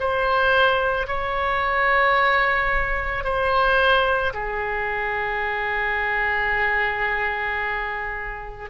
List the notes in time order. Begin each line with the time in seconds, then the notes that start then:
0.00 C5
1.07 C#5
3.24 C5
4.34 G#4